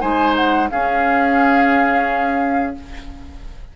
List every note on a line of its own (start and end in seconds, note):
0.00 0.70 G#3
0.00 0.68 D#4
0.00 0.68 C5
0.00 0.34 G#5
0.35 0.69 F#5
0.70 2.74 C#4
0.70 2.76 C#4
0.70 2.76 G#4
0.70 2.74 F5